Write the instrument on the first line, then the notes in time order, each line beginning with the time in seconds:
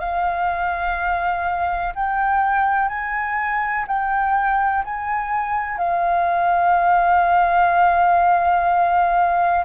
flute
0.00 F5
1.95 G5
2.89 G#5
3.88 G5
4.85 G#5
5.78 F5